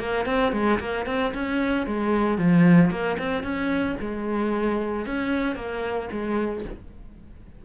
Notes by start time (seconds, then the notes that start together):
0.00 A#3
0.26 C4
0.53 G#3
0.80 A#3
1.06 C4
1.35 C#4
1.87 G#3
2.38 F3
2.91 A#3
3.19 C4
3.43 C#4
4.01 G#3
5.06 C#4
5.56 A#3
6.12 G#3